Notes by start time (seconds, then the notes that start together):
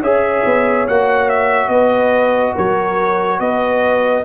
0.00 C#4 G#4 C#5 E5
0.45 B3
0.88 A#3 F#4 F#5
1.29 E5
1.68 B3 B4 D#5
2.54 F#3 A#4 C#5
3.40 B3 B4 D#5